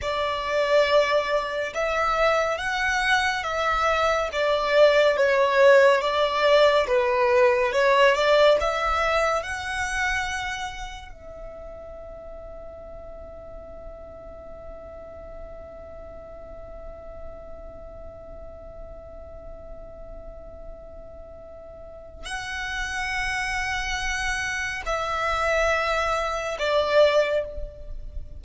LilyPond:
\new Staff \with { instrumentName = "violin" } { \time 4/4 \tempo 4 = 70 d''2 e''4 fis''4 | e''4 d''4 cis''4 d''4 | b'4 cis''8 d''8 e''4 fis''4~ | fis''4 e''2.~ |
e''1~ | e''1~ | e''2 fis''2~ | fis''4 e''2 d''4 | }